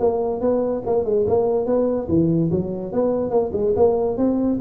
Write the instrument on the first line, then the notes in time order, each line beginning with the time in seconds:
tuba
0.00 A#3
0.41 B3
0.86 A#3
1.05 G#3
1.27 A#3
1.66 B3
2.09 E3
2.51 F#3
2.93 B3
3.31 A#3
3.53 G#3
3.76 A#3
4.17 C4